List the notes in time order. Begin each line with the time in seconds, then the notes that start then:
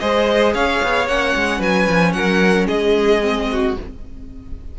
0.00 G#3 G#4 C5 D#5
0.54 C#4 C#5 F5
0.83 B3
1.07 A#3 C#4 F#5
1.35 G#3
1.59 F#3 B4 G#5
1.88 F3
2.13 F#3 A#4 F#5
2.67 G#3 G#4 D#5
3.21 C4
3.52 F#4